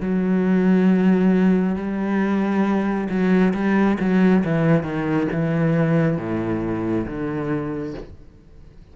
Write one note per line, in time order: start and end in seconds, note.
0.00 1.75 F#3
1.75 3.08 G3
3.09 3.53 F#3
3.53 3.97 G3
3.99 4.44 F#3
4.44 4.83 E3
4.83 5.27 D#3
5.31 6.17 E3
6.17 7.05 A2
7.06 7.94 D3